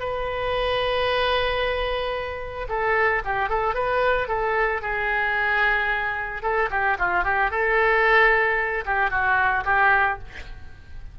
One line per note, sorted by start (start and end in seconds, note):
0.00 2.68 B4
2.69 3.23 A4
3.25 3.50 G4
3.50 3.75 A4
3.75 4.28 B4
4.28 4.82 A4
4.82 6.43 G#4
6.43 6.70 A4
6.71 6.98 G4
6.99 7.24 F4
7.24 7.51 G4
7.51 8.85 A4
8.86 9.11 G4
9.11 9.64 F#4
9.65 10.19 G4